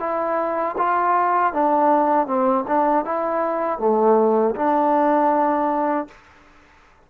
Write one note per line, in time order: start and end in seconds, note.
0.00 0.76 E4
0.78 1.54 F4
1.54 2.27 D4
2.27 2.65 C4
2.68 3.05 D4
3.05 3.79 E4
3.79 4.55 A3
4.56 6.08 D4